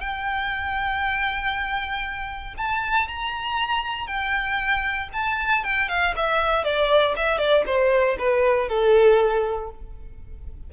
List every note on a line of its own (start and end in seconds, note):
0.00 2.54 G5
2.57 3.08 A5
3.08 4.07 A#5
4.07 5.09 G5
5.13 5.64 A5
5.64 5.89 G5
5.89 6.14 F5
6.16 6.64 E5
6.64 7.15 D5
7.16 7.38 E5
7.38 7.64 D5
7.66 8.17 C5
8.19 8.69 B4
8.69 9.70 A4